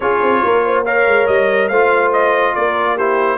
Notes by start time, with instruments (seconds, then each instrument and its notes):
0.00 tuba C#4, trombone F4, horn G#4, trumpet C#5
0.22 tuba C4
0.43 tuba A#3, horn A#4
0.65 horn C5
0.84 trombone A#4, horn C#5, trumpet F5
1.07 tuba G#3
1.27 tuba G3, trumpet D#5
1.68 tuba A3, trombone F4, horn C5, trumpet F5
2.12 trumpet D#5
2.55 tuba A#3, horn A#4, trumpet D5
2.95 trombone E4, horn G4, trumpet C5